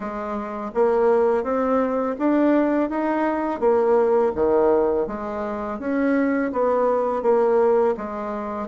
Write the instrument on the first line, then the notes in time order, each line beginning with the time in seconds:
bassoon
0.00 G#3
0.74 A#3
1.43 C4
2.18 D4
2.89 D#4
3.59 A#3
4.35 D#3
5.07 G#3
5.79 C#4
6.52 B3
7.22 A#3
7.97 G#3